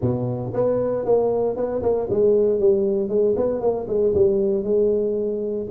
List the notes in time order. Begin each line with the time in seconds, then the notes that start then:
0.01 B2
0.53 B3
1.05 A#3
1.56 B3
1.82 A#3
2.09 G#3
2.59 G3
3.08 G#3
3.36 B3
3.60 A#3
3.87 G#3
4.14 G3
4.63 G#3